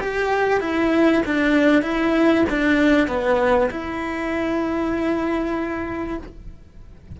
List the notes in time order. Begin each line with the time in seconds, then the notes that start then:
0.00 G4
0.60 E4
1.25 D4
1.82 E4
2.49 D4
3.07 B3
3.70 E4